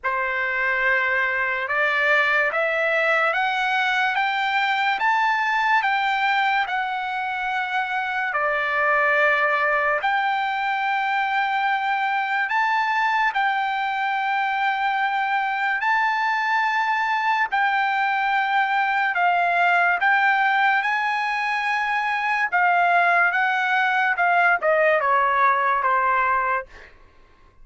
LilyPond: \new Staff \with { instrumentName = "trumpet" } { \time 4/4 \tempo 4 = 72 c''2 d''4 e''4 | fis''4 g''4 a''4 g''4 | fis''2 d''2 | g''2. a''4 |
g''2. a''4~ | a''4 g''2 f''4 | g''4 gis''2 f''4 | fis''4 f''8 dis''8 cis''4 c''4 | }